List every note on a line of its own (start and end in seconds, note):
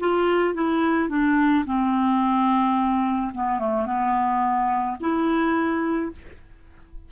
0.00 0.55 F4
0.55 1.09 E4
1.09 1.65 D4
1.66 3.32 C4
3.34 3.59 B3
3.59 3.86 A3
3.86 4.97 B3
5.01 6.12 E4